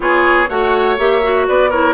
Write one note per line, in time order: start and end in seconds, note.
0.00 0.49 B3
0.00 0.47 F4
0.00 0.49 G#4
0.00 0.49 C#5
0.49 0.98 A3
0.49 0.97 F#4
0.49 1.47 C#5
0.49 0.97 F#5
0.97 1.47 A#3
0.97 1.22 G4
0.97 1.47 E5
1.22 1.71 F#4
1.47 1.93 B3
1.47 1.70 B4
1.47 1.70 D5
1.70 1.93 E4
1.70 1.93 A#4
1.70 1.93 C#5